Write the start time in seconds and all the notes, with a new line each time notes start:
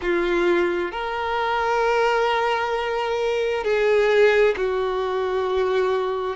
0.01 F4
0.91 A#4
3.64 G#4
4.56 F#4